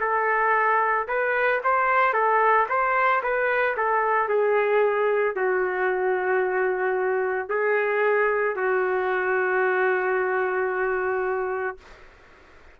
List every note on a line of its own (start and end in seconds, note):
0.00 1.07 A4
1.08 1.62 B4
1.64 2.13 C5
2.13 2.67 A4
2.69 3.22 C5
3.23 3.76 B4
3.77 4.29 A4
4.29 5.36 G#4
5.36 7.49 F#4
7.49 8.56 G#4
8.56 11.78 F#4